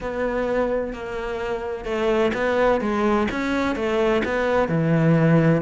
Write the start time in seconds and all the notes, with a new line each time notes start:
0.00 B3
0.93 A#3
1.85 A3
2.34 B3
2.80 G#3
3.31 C#4
3.75 A3
4.24 B3
4.68 E3